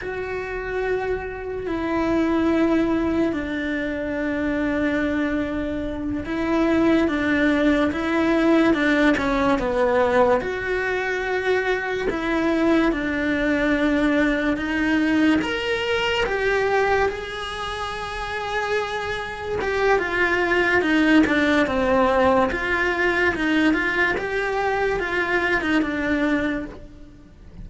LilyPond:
\new Staff \with { instrumentName = "cello" } { \time 4/4 \tempo 4 = 72 fis'2 e'2 | d'2.~ d'8 e'8~ | e'8 d'4 e'4 d'8 cis'8 b8~ | b8 fis'2 e'4 d'8~ |
d'4. dis'4 ais'4 g'8~ | g'8 gis'2. g'8 | f'4 dis'8 d'8 c'4 f'4 | dis'8 f'8 g'4 f'8. dis'16 d'4 | }